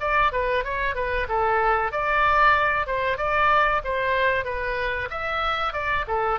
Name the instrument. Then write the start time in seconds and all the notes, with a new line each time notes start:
oboe
0.00 D5
0.32 B4
0.64 C#5
0.95 B4
1.28 A4
1.91 D5
2.86 C5
3.17 D5
3.84 C5
4.44 B4
5.10 E5
5.73 D5
6.07 A4